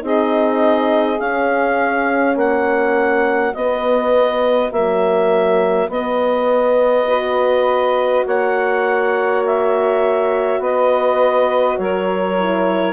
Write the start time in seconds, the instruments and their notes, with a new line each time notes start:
0.00 bassoon C4, horn D#4, saxophone G#4, clarinet D#5
1.20 bassoon C#4, horn C#4, clarinet F5
2.36 bassoon A#3, saxophone F#4, clarinet F#5
3.55 bassoon B3, horn B3, clarinet D#5
4.72 horn F#3, bassoon A#3, clarinet E5
5.89 horn B3, bassoon B3, clarinet D#5
7.08 horn F#4, saxophone B4
8.26 bassoon A#3, saxophone C#5, clarinet F#5
9.46 clarinet E5
10.60 bassoon B3, saxophone B4, clarinet D#5
11.79 bassoon F#3, saxophone A#4, clarinet C#5
12.39 horn E4